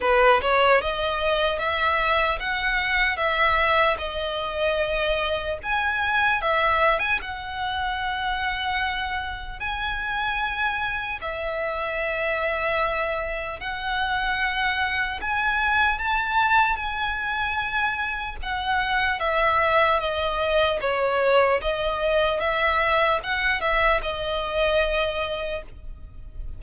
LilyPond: \new Staff \with { instrumentName = "violin" } { \time 4/4 \tempo 4 = 75 b'8 cis''8 dis''4 e''4 fis''4 | e''4 dis''2 gis''4 | e''8. gis''16 fis''2. | gis''2 e''2~ |
e''4 fis''2 gis''4 | a''4 gis''2 fis''4 | e''4 dis''4 cis''4 dis''4 | e''4 fis''8 e''8 dis''2 | }